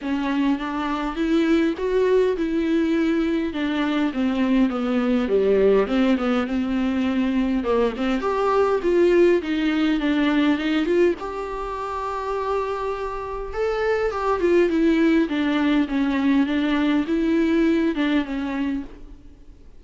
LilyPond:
\new Staff \with { instrumentName = "viola" } { \time 4/4 \tempo 4 = 102 cis'4 d'4 e'4 fis'4 | e'2 d'4 c'4 | b4 g4 c'8 b8 c'4~ | c'4 ais8 c'8 g'4 f'4 |
dis'4 d'4 dis'8 f'8 g'4~ | g'2. a'4 | g'8 f'8 e'4 d'4 cis'4 | d'4 e'4. d'8 cis'4 | }